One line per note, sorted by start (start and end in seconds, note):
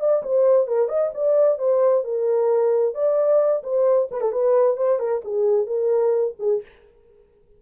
0.00 0.23 D5
0.23 0.68 C5
0.68 0.89 A#4
0.89 1.11 D#5
1.14 1.58 D5
1.58 2.04 C5
2.04 2.94 A#4
2.94 3.63 D5
3.63 4.09 C5
4.11 4.21 B4
4.21 4.32 A4
4.32 4.77 B4
4.77 4.99 C5
4.99 5.22 A#4
5.25 5.67 G#4
5.67 6.35 A#4
6.39 6.62 G#4